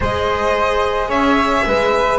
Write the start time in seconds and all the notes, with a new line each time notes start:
0.00 G#3 G#4 C5 D#5
1.08 C#4 C#5 E5
1.66 G#3 B4